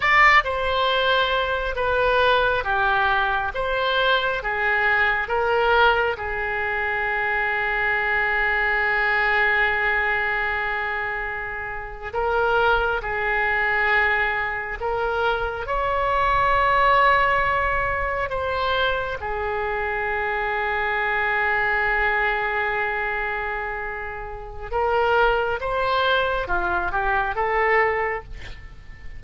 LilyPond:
\new Staff \with { instrumentName = "oboe" } { \time 4/4 \tempo 4 = 68 d''8 c''4. b'4 g'4 | c''4 gis'4 ais'4 gis'4~ | gis'1~ | gis'4.~ gis'16 ais'4 gis'4~ gis'16~ |
gis'8. ais'4 cis''2~ cis''16~ | cis''8. c''4 gis'2~ gis'16~ | gis'1 | ais'4 c''4 f'8 g'8 a'4 | }